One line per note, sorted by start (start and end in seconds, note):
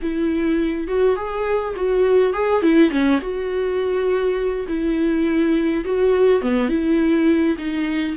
0.02 0.87 E4
0.87 1.16 F#4
1.16 1.74 G#4
1.76 2.33 F#4
2.33 2.62 G#4
2.62 2.90 E4
2.90 3.19 C#4
3.20 4.66 F#4
4.68 5.84 E4
5.84 6.41 F#4
6.41 6.69 B3
6.69 7.56 E4
7.57 8.16 D#4